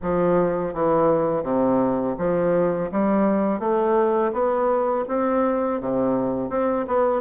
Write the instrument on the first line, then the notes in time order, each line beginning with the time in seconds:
bassoon
0.02 F3
0.73 E3
1.43 C3
2.18 F3
2.91 G3
3.59 A3
4.32 B3
5.08 C4
5.80 C3
6.49 C4
6.87 B3